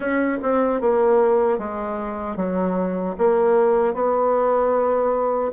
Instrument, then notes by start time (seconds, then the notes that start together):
bassoon
0.00 C#4
0.42 C4
0.80 A#3
1.58 G#3
2.36 F#3
3.18 A#3
3.94 B3